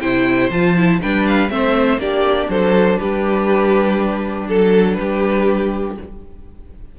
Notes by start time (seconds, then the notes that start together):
0.00 C3 E4 C5 G5
0.50 F3 F4 A5
0.76 E4
1.01 G3 D4 B4 G5
1.27 F5
1.49 A3 C4 C5 E5
1.98 A#3 D4 G4 D5
2.49 F#3 A4 C5
2.98 G3 G4 B4
4.48 F#3 A4
4.93 G3 B4
4.99 G4